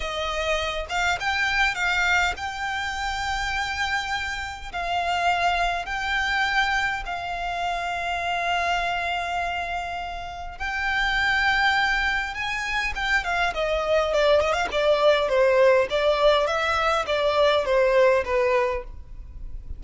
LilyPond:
\new Staff \with { instrumentName = "violin" } { \time 4/4 \tempo 4 = 102 dis''4. f''8 g''4 f''4 | g''1 | f''2 g''2 | f''1~ |
f''2 g''2~ | g''4 gis''4 g''8 f''8 dis''4 | d''8 dis''16 f''16 d''4 c''4 d''4 | e''4 d''4 c''4 b'4 | }